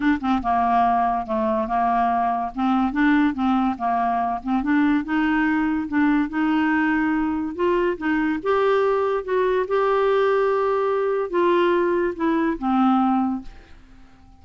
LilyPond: \new Staff \with { instrumentName = "clarinet" } { \time 4/4 \tempo 4 = 143 d'8 c'8 ais2 a4 | ais2 c'4 d'4 | c'4 ais4. c'8 d'4 | dis'2 d'4 dis'4~ |
dis'2 f'4 dis'4 | g'2 fis'4 g'4~ | g'2. f'4~ | f'4 e'4 c'2 | }